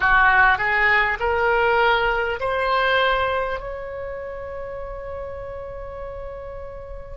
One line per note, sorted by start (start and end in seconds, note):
0.00 0.58 F#4
0.58 1.18 G#4
1.19 2.39 A#4
2.40 3.59 C5
3.59 7.17 C#5